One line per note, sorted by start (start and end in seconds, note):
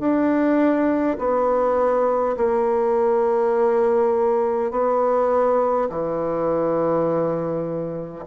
0.00 1.18 D4
1.19 2.37 B3
2.37 4.71 A#3
4.71 5.89 B3
5.90 8.25 E3